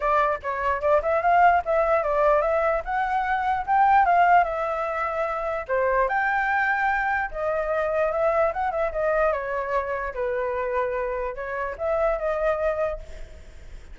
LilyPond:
\new Staff \with { instrumentName = "flute" } { \time 4/4 \tempo 4 = 148 d''4 cis''4 d''8 e''8 f''4 | e''4 d''4 e''4 fis''4~ | fis''4 g''4 f''4 e''4~ | e''2 c''4 g''4~ |
g''2 dis''2 | e''4 fis''8 e''8 dis''4 cis''4~ | cis''4 b'2. | cis''4 e''4 dis''2 | }